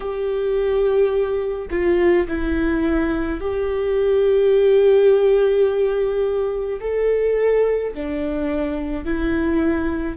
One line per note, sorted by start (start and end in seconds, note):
0.00 1.68 G4
1.70 2.26 F4
2.27 3.40 E4
3.40 6.79 G4
6.80 7.93 A4
7.93 9.05 D4
9.05 10.17 E4